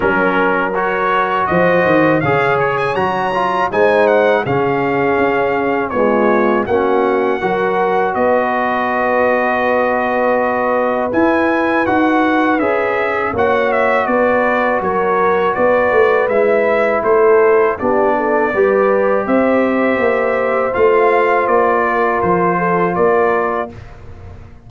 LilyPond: <<
  \new Staff \with { instrumentName = "trumpet" } { \time 4/4 \tempo 4 = 81 ais'4 cis''4 dis''4 f''8 cis''16 gis''16 | ais''4 gis''8 fis''8 f''2 | cis''4 fis''2 dis''4~ | dis''2. gis''4 |
fis''4 e''4 fis''8 e''8 d''4 | cis''4 d''4 e''4 c''4 | d''2 e''2 | f''4 d''4 c''4 d''4 | }
  \new Staff \with { instrumentName = "horn" } { \time 4/4 ais'2 c''4 cis''4~ | cis''4 c''4 gis'2 | f'4 fis'4 ais'4 b'4~ | b'1~ |
b'2 cis''4 b'4 | ais'4 b'2 a'4 | g'8 a'8 b'4 c''2~ | c''4. ais'4 a'8 ais'4 | }
  \new Staff \with { instrumentName = "trombone" } { \time 4/4 cis'4 fis'2 gis'4 | fis'8 f'8 dis'4 cis'2 | gis4 cis'4 fis'2~ | fis'2. e'4 |
fis'4 gis'4 fis'2~ | fis'2 e'2 | d'4 g'2. | f'1 | }
  \new Staff \with { instrumentName = "tuba" } { \time 4/4 fis2 f8 dis8 cis4 | fis4 gis4 cis4 cis'4 | b4 ais4 fis4 b4~ | b2. e'4 |
dis'4 cis'4 ais4 b4 | fis4 b8 a8 gis4 a4 | b4 g4 c'4 ais4 | a4 ais4 f4 ais4 | }
>>